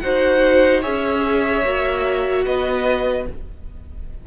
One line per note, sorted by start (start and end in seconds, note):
0.00 0.85 D#4
0.00 0.83 F#4
0.00 0.82 C5
0.00 0.81 F#5
0.82 1.64 C#4
0.82 1.64 G#4
0.82 2.44 C#5
0.82 2.45 E5
1.64 2.45 A#3
1.64 3.27 F#4
2.45 3.28 B3
2.45 3.27 B4
2.45 3.26 D#5